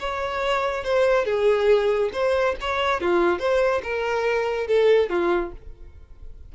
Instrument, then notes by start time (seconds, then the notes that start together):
violin
0.00 C#5
0.85 C5
1.26 G#4
2.13 C5
2.61 C#5
3.01 F4
3.40 C5
3.84 A#4
4.68 A4
5.10 F4